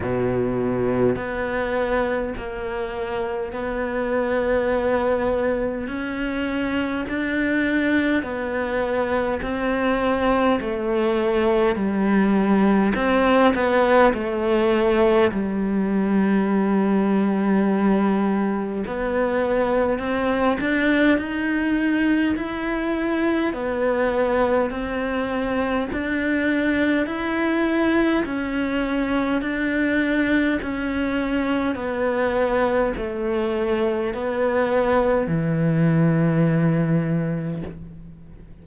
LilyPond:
\new Staff \with { instrumentName = "cello" } { \time 4/4 \tempo 4 = 51 b,4 b4 ais4 b4~ | b4 cis'4 d'4 b4 | c'4 a4 g4 c'8 b8 | a4 g2. |
b4 c'8 d'8 dis'4 e'4 | b4 c'4 d'4 e'4 | cis'4 d'4 cis'4 b4 | a4 b4 e2 | }